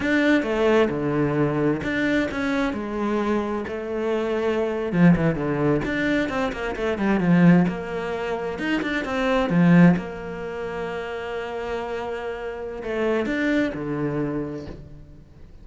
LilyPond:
\new Staff \with { instrumentName = "cello" } { \time 4/4 \tempo 4 = 131 d'4 a4 d2 | d'4 cis'4 gis2 | a2~ a8. f8 e8 d16~ | d8. d'4 c'8 ais8 a8 g8 f16~ |
f8. ais2 dis'8 d'8 c'16~ | c'8. f4 ais2~ ais16~ | ais1 | a4 d'4 d2 | }